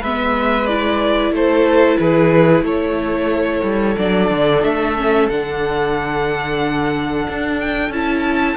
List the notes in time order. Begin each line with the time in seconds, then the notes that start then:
0.00 G#3 B3 B4 E5
0.66 E4 D5
1.31 A3 A4 C5
1.98 E3 G#4 B4
2.62 A3 A4 C#5
3.63 G3
3.98 F#3 D4 D5
4.30 D3
4.63 A3 E5
4.97 C#4
5.29 D3 D4 F#5
7.28 D4
7.60 G5
7.89 C#4 E4 A5